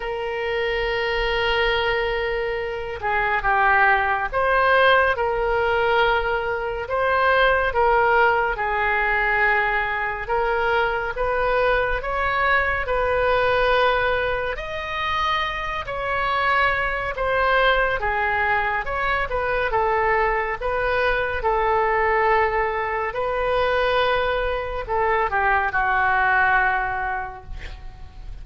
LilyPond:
\new Staff \with { instrumentName = "oboe" } { \time 4/4 \tempo 4 = 70 ais'2.~ ais'8 gis'8 | g'4 c''4 ais'2 | c''4 ais'4 gis'2 | ais'4 b'4 cis''4 b'4~ |
b'4 dis''4. cis''4. | c''4 gis'4 cis''8 b'8 a'4 | b'4 a'2 b'4~ | b'4 a'8 g'8 fis'2 | }